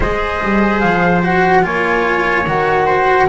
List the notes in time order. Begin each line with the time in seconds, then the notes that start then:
0.00 G#3 G#4 C5 D#5
0.42 G3
0.80 F3 F5
1.22 F#4 F#5
1.62 A#3 F4 C#5 G#5
2.46 D#3 F#4 F#5
2.85 C5